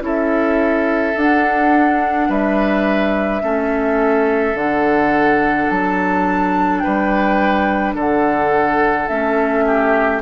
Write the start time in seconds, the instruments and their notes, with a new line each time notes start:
0.00 bassoon C#4, clarinet E4, oboe A4, flute E5
1.16 bassoon D4, clarinet D4, flute F#5
2.29 bassoon G3, oboe B4, flute E5
3.42 bassoon A3, clarinet C#4, oboe A4
4.54 bassoon D3, clarinet D4, flute F#5
5.70 bassoon F#3, flute A5
6.80 oboe B4, flute G5
6.86 bassoon G3
7.95 bassoon D3, oboe A4, flute F#5
9.08 bassoon A3, clarinet C#4, flute E5
9.66 oboe G4